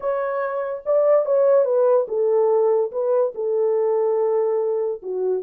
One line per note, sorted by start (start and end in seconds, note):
0.00 0.82 C#5
0.85 1.25 D5
1.25 1.64 C#5
1.64 2.06 B4
2.07 2.91 A4
2.91 3.33 B4
3.34 5.01 A4
5.02 5.43 F#4